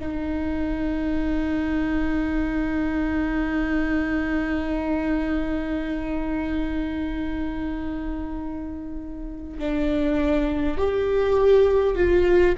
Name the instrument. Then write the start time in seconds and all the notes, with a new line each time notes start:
viola
0.00 D#4
9.59 D4
10.78 G4
11.96 F4